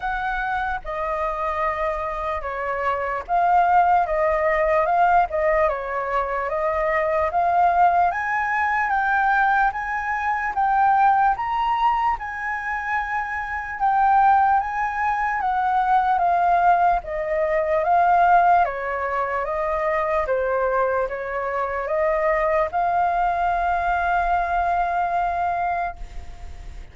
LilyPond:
\new Staff \with { instrumentName = "flute" } { \time 4/4 \tempo 4 = 74 fis''4 dis''2 cis''4 | f''4 dis''4 f''8 dis''8 cis''4 | dis''4 f''4 gis''4 g''4 | gis''4 g''4 ais''4 gis''4~ |
gis''4 g''4 gis''4 fis''4 | f''4 dis''4 f''4 cis''4 | dis''4 c''4 cis''4 dis''4 | f''1 | }